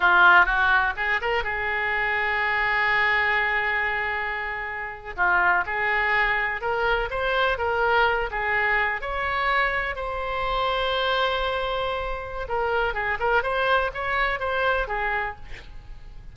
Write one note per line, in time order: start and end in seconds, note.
0.00 0.45 F4
0.45 0.93 F#4
0.96 1.20 G#4
1.21 1.43 A#4
1.43 5.15 G#4
5.16 5.64 F4
5.66 6.61 G#4
6.61 7.09 A#4
7.10 7.58 C5
7.58 8.30 A#4
8.30 9.01 G#4
9.01 9.95 C#5
9.95 12.47 C5
12.48 12.94 A#4
12.94 13.18 G#4
13.19 13.43 A#4
13.43 13.91 C5
13.94 14.39 C#5
14.39 14.87 C5
14.87 15.35 G#4